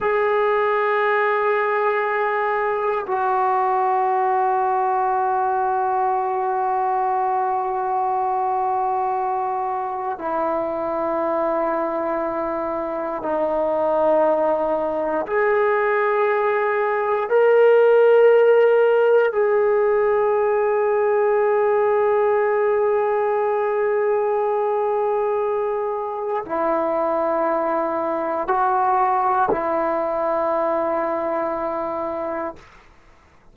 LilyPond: \new Staff \with { instrumentName = "trombone" } { \time 4/4 \tempo 4 = 59 gis'2. fis'4~ | fis'1~ | fis'2 e'2~ | e'4 dis'2 gis'4~ |
gis'4 ais'2 gis'4~ | gis'1~ | gis'2 e'2 | fis'4 e'2. | }